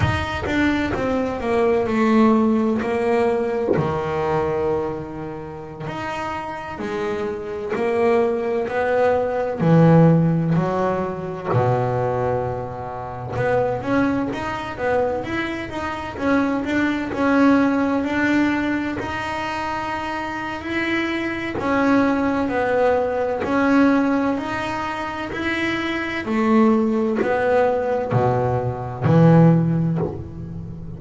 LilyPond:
\new Staff \with { instrumentName = "double bass" } { \time 4/4 \tempo 4 = 64 dis'8 d'8 c'8 ais8 a4 ais4 | dis2~ dis16 dis'4 gis8.~ | gis16 ais4 b4 e4 fis8.~ | fis16 b,2 b8 cis'8 dis'8 b16~ |
b16 e'8 dis'8 cis'8 d'8 cis'4 d'8.~ | d'16 dis'4.~ dis'16 e'4 cis'4 | b4 cis'4 dis'4 e'4 | a4 b4 b,4 e4 | }